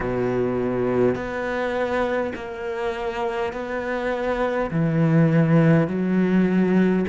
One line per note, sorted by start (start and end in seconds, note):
0.00 1.15 B2
1.15 2.33 B3
2.35 3.52 A#3
3.52 4.70 B3
4.71 5.87 E3
5.87 7.05 F#3